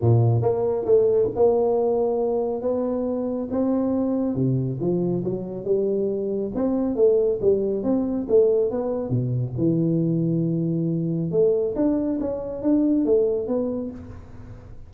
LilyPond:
\new Staff \with { instrumentName = "tuba" } { \time 4/4 \tempo 4 = 138 ais,4 ais4 a4 ais4~ | ais2 b2 | c'2 c4 f4 | fis4 g2 c'4 |
a4 g4 c'4 a4 | b4 b,4 e2~ | e2 a4 d'4 | cis'4 d'4 a4 b4 | }